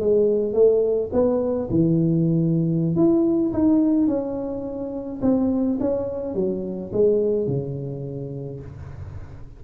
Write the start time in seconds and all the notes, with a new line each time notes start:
0.00 G#3
0.53 A3
1.12 B3
1.70 E3
2.96 E4
3.53 D#4
4.07 C#4
5.22 C4
5.80 C#4
6.34 F#3
6.93 G#3
7.47 C#3